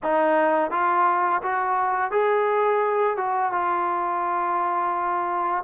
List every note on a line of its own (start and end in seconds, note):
0.03 0.71 D#4
0.71 1.41 F4
1.42 2.11 F#4
2.11 3.16 G#4
3.16 3.51 F#4
3.51 5.63 F4